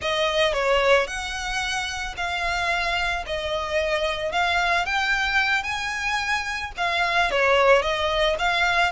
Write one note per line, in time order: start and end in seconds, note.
0.01 0.53 D#5
0.53 1.07 C#5
1.07 2.15 F#5
2.16 3.24 F5
3.26 4.31 D#5
4.31 4.85 F5
4.85 5.63 G5
5.63 6.71 G#5
6.77 7.30 F5
7.30 7.82 C#5
7.82 8.36 D#5
8.39 8.92 F5